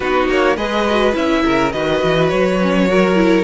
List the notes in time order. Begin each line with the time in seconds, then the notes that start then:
0.00 B3 D#4 F#4 B4
0.28 A#3 C#5
0.56 G#3 G#4 B4 D#5
0.90 F#4
1.12 C#4 E4 E5
1.44 C#3 A#4
1.71 D#3 F#4 B4 D#5
2.03 E3
2.28 F#3 C#5
2.61 C#4
2.89 F#4 A#4
3.15 E4